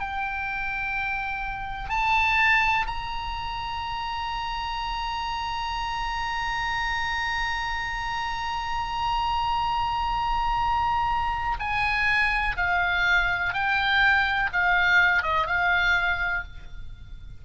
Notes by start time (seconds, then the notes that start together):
0.00 G5
1.90 A5
2.87 A#5
11.60 G#5
12.57 F5
13.54 G5
14.52 F5
15.23 D#5
15.47 F5